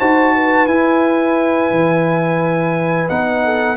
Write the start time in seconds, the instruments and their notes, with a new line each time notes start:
0.00 tuba D#4, trombone F#4, horn C5, trumpet A5
0.35 horn B4
0.67 tuba E4, trombone E4, trumpet G#5
1.71 tuba E3
3.09 tuba B3, trombone D#4, trumpet F#5
3.44 horn A4